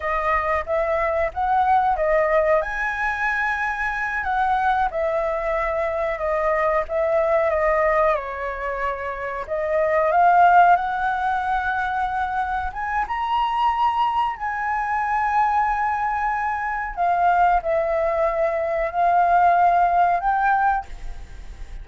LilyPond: \new Staff \with { instrumentName = "flute" } { \time 4/4 \tempo 4 = 92 dis''4 e''4 fis''4 dis''4 | gis''2~ gis''8 fis''4 e''8~ | e''4. dis''4 e''4 dis''8~ | dis''8 cis''2 dis''4 f''8~ |
f''8 fis''2. gis''8 | ais''2 gis''2~ | gis''2 f''4 e''4~ | e''4 f''2 g''4 | }